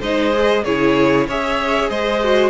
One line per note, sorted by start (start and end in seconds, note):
0.00 0.64 G#3
0.00 0.34 D#4
0.00 0.63 C5
0.00 0.64 D#5
0.34 0.65 G#4
0.63 1.28 C#3
0.63 1.29 E4
0.63 1.26 G#4
0.63 1.27 C#5
1.27 1.90 C#4
1.27 2.23 G#4
1.27 1.89 C#5
1.27 1.90 E5
1.89 2.49 G#3
1.89 2.49 C5
1.89 2.49 D#5
2.23 2.49 F#4